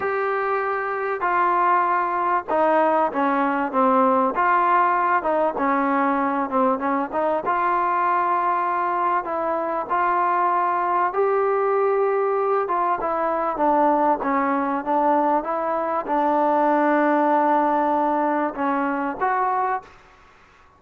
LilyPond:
\new Staff \with { instrumentName = "trombone" } { \time 4/4 \tempo 4 = 97 g'2 f'2 | dis'4 cis'4 c'4 f'4~ | f'8 dis'8 cis'4. c'8 cis'8 dis'8 | f'2. e'4 |
f'2 g'2~ | g'8 f'8 e'4 d'4 cis'4 | d'4 e'4 d'2~ | d'2 cis'4 fis'4 | }